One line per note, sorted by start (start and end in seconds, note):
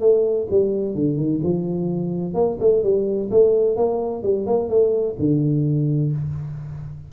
0.00 0.47 A3
0.50 0.95 G3
0.95 1.17 D3
1.17 1.40 D#3
1.43 2.34 F3
2.34 2.57 A#3
2.60 2.83 A3
2.83 3.30 G3
3.31 3.76 A3
3.76 4.23 A#3
4.23 4.46 G3
4.46 4.69 A#3
4.69 5.16 A3
5.19 6.12 D3